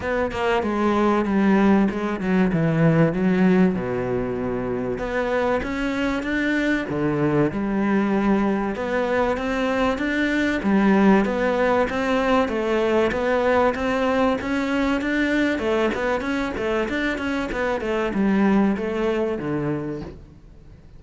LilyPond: \new Staff \with { instrumentName = "cello" } { \time 4/4 \tempo 4 = 96 b8 ais8 gis4 g4 gis8 fis8 | e4 fis4 b,2 | b4 cis'4 d'4 d4 | g2 b4 c'4 |
d'4 g4 b4 c'4 | a4 b4 c'4 cis'4 | d'4 a8 b8 cis'8 a8 d'8 cis'8 | b8 a8 g4 a4 d4 | }